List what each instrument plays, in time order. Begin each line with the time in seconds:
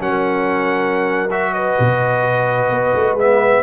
0.00 tuba F#3, trombone C#4, horn A#4, trumpet F#5
1.31 trombone F#4, trumpet E5
1.53 horn B4, trumpet D#5
1.79 tuba B2
2.71 tuba B3
2.94 tuba A3
3.13 tuba G#3, trombone B3
3.19 trumpet E5